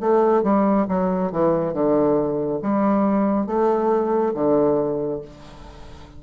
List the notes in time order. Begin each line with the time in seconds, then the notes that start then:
0.00 A3
0.43 G3
0.88 F#3
1.32 E3
1.73 D3
2.62 G3
3.46 A3
4.34 D3